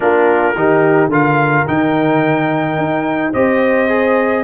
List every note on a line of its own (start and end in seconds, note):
0.00 0.55 A#3
0.00 0.55 D4
0.00 0.56 F4
0.00 1.11 A#4
0.55 1.07 D#3
0.55 1.11 D#4
0.55 1.09 G4
1.07 1.63 D3
1.07 1.66 F4
1.07 3.31 A#4
1.07 1.67 F5
1.66 2.78 D#3
1.66 3.33 D#4
1.66 3.33 G5
2.78 3.33 D#4
3.32 4.44 C4
3.32 3.88 G4
3.32 4.44 C5
3.32 4.44 D#5
3.88 4.44 G#4